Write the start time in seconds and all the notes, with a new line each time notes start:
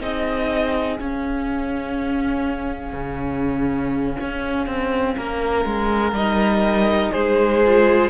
0.00 C4 D#4 G#4 D#5
0.99 C#4 F5
2.93 C#3
4.21 C#4
4.67 C4
5.17 A#3 A#4
5.65 G#3
6.12 G3 D#4 D#5
7.12 G#3 G#4 C5
7.65 F4